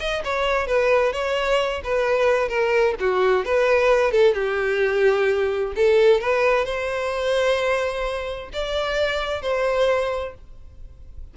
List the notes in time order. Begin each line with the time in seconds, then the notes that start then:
0.00 D#5
0.25 C#5
0.67 B4
1.13 C#5
1.84 B4
2.49 A#4
3.00 F#4
3.45 B4
4.11 A4
4.35 G4
5.76 A4
6.21 B4
6.65 C5
8.53 D5
9.42 C5